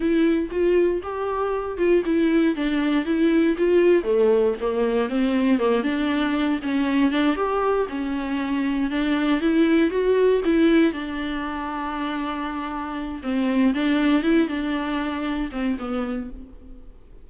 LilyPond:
\new Staff \with { instrumentName = "viola" } { \time 4/4 \tempo 4 = 118 e'4 f'4 g'4. f'8 | e'4 d'4 e'4 f'4 | a4 ais4 c'4 ais8 d'8~ | d'4 cis'4 d'8 g'4 cis'8~ |
cis'4. d'4 e'4 fis'8~ | fis'8 e'4 d'2~ d'8~ | d'2 c'4 d'4 | e'8 d'2 c'8 b4 | }